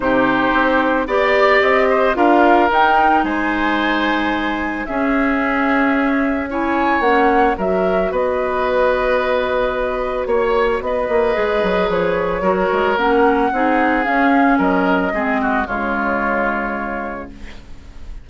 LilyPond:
<<
  \new Staff \with { instrumentName = "flute" } { \time 4/4 \tempo 4 = 111 c''2 d''4 dis''4 | f''4 g''4 gis''2~ | gis''4 e''2. | gis''4 fis''4 e''4 dis''4~ |
dis''2. cis''4 | dis''2 cis''2 | fis''2 f''4 dis''4~ | dis''4 cis''2. | }
  \new Staff \with { instrumentName = "oboe" } { \time 4/4 g'2 d''4. c''8 | ais'2 c''2~ | c''4 gis'2. | cis''2 ais'4 b'4~ |
b'2. cis''4 | b'2. ais'4~ | ais'4 gis'2 ais'4 | gis'8 fis'8 f'2. | }
  \new Staff \with { instrumentName = "clarinet" } { \time 4/4 dis'2 g'2 | f'4 dis'2.~ | dis'4 cis'2. | e'4 cis'4 fis'2~ |
fis'1~ | fis'4 gis'2 fis'4 | cis'4 dis'4 cis'2 | c'4 gis2. | }
  \new Staff \with { instrumentName = "bassoon" } { \time 4/4 c4 c'4 b4 c'4 | d'4 dis'4 gis2~ | gis4 cis'2.~ | cis'4 ais4 fis4 b4~ |
b2. ais4 | b8 ais8 gis8 fis8 f4 fis8 gis8 | ais4 c'4 cis'4 fis4 | gis4 cis2. | }
>>